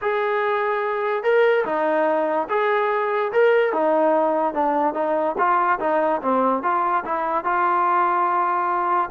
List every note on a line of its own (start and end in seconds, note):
0.01 1.23 G#4
1.23 1.64 A#4
1.65 2.47 D#4
2.49 3.31 G#4
3.32 3.72 A#4
3.72 4.54 D#4
4.54 4.94 D4
4.94 5.35 D#4
5.38 5.79 F4
5.79 6.21 D#4
6.21 6.62 C4
6.62 7.04 F4
7.04 7.44 E4
7.44 9.09 F4